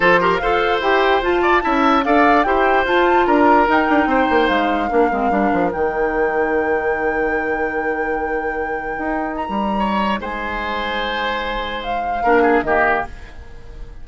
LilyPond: <<
  \new Staff \with { instrumentName = "flute" } { \time 4/4 \tempo 4 = 147 c''4 f''4 g''4 a''4~ | a''4 f''4 g''4 a''4 | ais''4 g''2 f''4~ | f''2 g''2~ |
g''1~ | g''2. ais''4~ | ais''4 gis''2.~ | gis''4 f''2 dis''4 | }
  \new Staff \with { instrumentName = "oboe" } { \time 4/4 a'8 ais'8 c''2~ c''8 d''8 | e''4 d''4 c''2 | ais'2 c''2 | ais'1~ |
ais'1~ | ais'1 | cis''4 c''2.~ | c''2 ais'8 gis'8 g'4 | }
  \new Staff \with { instrumentName = "clarinet" } { \time 4/4 f'8 g'8 a'4 g'4 f'4 | e'4 a'4 g'4 f'4~ | f'4 dis'2. | d'8 c'8 d'4 dis'2~ |
dis'1~ | dis'1~ | dis'1~ | dis'2 d'4 ais4 | }
  \new Staff \with { instrumentName = "bassoon" } { \time 4/4 f4 f'4 e'4 f'4 | cis'4 d'4 e'4 f'4 | d'4 dis'8 d'8 c'8 ais8 gis4 | ais8 gis8 g8 f8 dis2~ |
dis1~ | dis2 dis'4~ dis'16 g8.~ | g4 gis2.~ | gis2 ais4 dis4 | }
>>